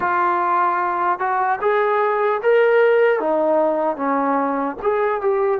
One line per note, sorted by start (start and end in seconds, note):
0.00 1.19 F4
1.19 1.59 F#4
1.61 2.41 G#4
2.42 3.19 A#4
3.19 3.96 D#4
3.96 4.76 C#4
4.82 5.21 G#4
5.21 5.60 G4